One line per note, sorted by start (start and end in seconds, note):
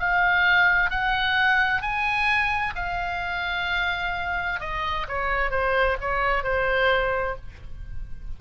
0.00 0.91 F5
0.91 1.82 F#5
1.82 2.74 G#5
2.76 4.61 F5
4.61 5.07 D#5
5.09 5.51 C#5
5.51 5.97 C5
6.01 6.44 C#5
6.44 7.36 C5